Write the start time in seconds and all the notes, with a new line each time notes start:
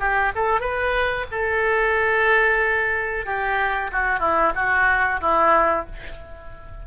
0.00 G4
0.36 A4
0.61 B4
1.32 A4
3.26 G4
3.92 F#4
4.20 E4
4.56 F#4
5.21 E4